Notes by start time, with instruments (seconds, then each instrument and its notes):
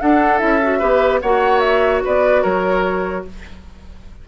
0.00 clarinet D4, bassoon D4, oboe A4, flute F#5
0.38 bassoon C#4, clarinet E4, flute E5
0.63 clarinet F#4
0.79 bassoon B3, clarinet G4, oboe B4
1.22 bassoon A#3, clarinet F#4, oboe C#5, flute F#5
1.60 flute E5
2.04 bassoon B3, oboe B4, flute D5
2.42 bassoon F#3, oboe A#4, flute C#5